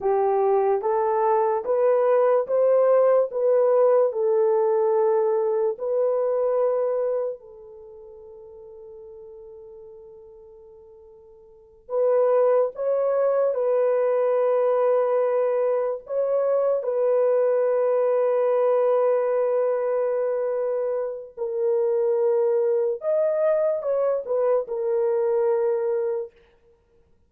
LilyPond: \new Staff \with { instrumentName = "horn" } { \time 4/4 \tempo 4 = 73 g'4 a'4 b'4 c''4 | b'4 a'2 b'4~ | b'4 a'2.~ | a'2~ a'8 b'4 cis''8~ |
cis''8 b'2. cis''8~ | cis''8 b'2.~ b'8~ | b'2 ais'2 | dis''4 cis''8 b'8 ais'2 | }